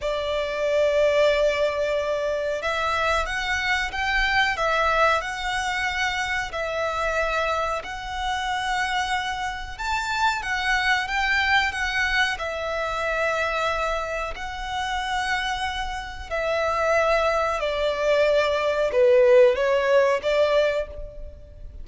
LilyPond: \new Staff \with { instrumentName = "violin" } { \time 4/4 \tempo 4 = 92 d''1 | e''4 fis''4 g''4 e''4 | fis''2 e''2 | fis''2. a''4 |
fis''4 g''4 fis''4 e''4~ | e''2 fis''2~ | fis''4 e''2 d''4~ | d''4 b'4 cis''4 d''4 | }